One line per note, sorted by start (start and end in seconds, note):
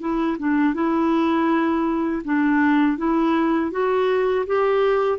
0.00 0.37 E4
0.38 0.74 D4
0.74 2.22 E4
2.24 2.98 D4
2.98 3.71 E4
3.71 4.45 F#4
4.46 5.18 G4